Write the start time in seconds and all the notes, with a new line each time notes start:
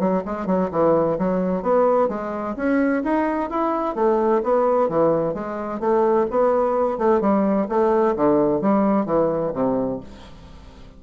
0.00 F#3
0.26 G#3
0.47 F#3
0.72 E3
1.19 F#3
1.63 B3
2.09 G#3
2.57 C#4
3.04 D#4
3.51 E4
3.96 A3
4.44 B3
4.89 E3
5.35 G#3
5.81 A3
6.31 B3
6.99 A3
7.21 G3
7.69 A3
8.16 D3
8.62 G3
9.06 E3
9.54 C3